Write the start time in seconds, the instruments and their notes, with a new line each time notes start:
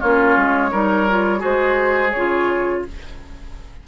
0.00 bassoon A#3, clarinet C#4, oboe F4, flute C#5
0.37 bassoon G#3
0.71 bassoon G3, clarinet D#4, oboe A#4
1.10 clarinet F4
1.39 clarinet F#4, oboe G#4, flute C5
1.45 bassoon G#3
2.11 bassoon C#3, clarinet F4, flute C#5